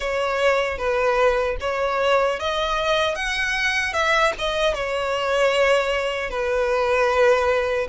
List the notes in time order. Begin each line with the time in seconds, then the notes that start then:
0.00 C#5
0.78 B4
1.60 C#5
2.39 D#5
3.15 F#5
3.93 E5
4.38 D#5
4.74 C#5
6.29 B4